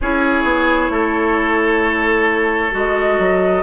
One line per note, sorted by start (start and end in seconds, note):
0.01 0.43 C#4
0.01 2.71 E4
0.01 0.92 G#4
0.01 2.74 C#5
0.43 0.88 B3
0.90 2.72 A3
0.90 3.62 A4
2.71 3.18 G#3
2.71 3.62 F#4
2.71 3.62 D#5
3.18 3.62 F#3